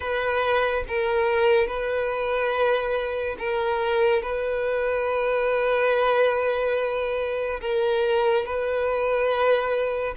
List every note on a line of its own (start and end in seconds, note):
0.00 0.83 B4
0.88 1.67 A#4
1.67 3.36 B4
3.38 4.22 A#4
4.22 7.60 B4
7.61 8.45 A#4
8.45 10.14 B4